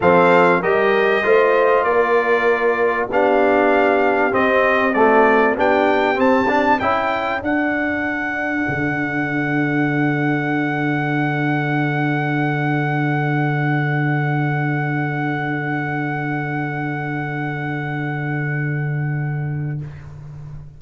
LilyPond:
<<
  \new Staff \with { instrumentName = "trumpet" } { \time 4/4 \tempo 4 = 97 f''4 dis''2 d''4~ | d''4 f''2 dis''4 | d''4 g''4 a''4 g''4 | fis''1~ |
fis''1~ | fis''1~ | fis''1~ | fis''1 | }
  \new Staff \with { instrumentName = "horn" } { \time 4/4 a'4 ais'4 c''4 ais'4~ | ais'4 g'2. | fis'4 g'2 a'4~ | a'1~ |
a'1~ | a'1~ | a'1~ | a'1 | }
  \new Staff \with { instrumentName = "trombone" } { \time 4/4 c'4 g'4 f'2~ | f'4 d'2 c'4 | a4 d'4 c'8 d'8 e'4 | d'1~ |
d'1~ | d'1~ | d'1~ | d'1 | }
  \new Staff \with { instrumentName = "tuba" } { \time 4/4 f4 g4 a4 ais4~ | ais4 b2 c'4~ | c'4 b4 c'4 cis'4 | d'2 d2~ |
d1~ | d1~ | d1~ | d1 | }
>>